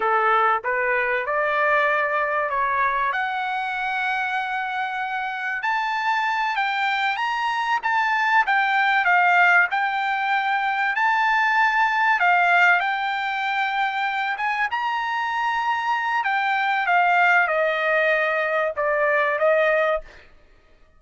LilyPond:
\new Staff \with { instrumentName = "trumpet" } { \time 4/4 \tempo 4 = 96 a'4 b'4 d''2 | cis''4 fis''2.~ | fis''4 a''4. g''4 ais''8~ | ais''8 a''4 g''4 f''4 g''8~ |
g''4. a''2 f''8~ | f''8 g''2~ g''8 gis''8 ais''8~ | ais''2 g''4 f''4 | dis''2 d''4 dis''4 | }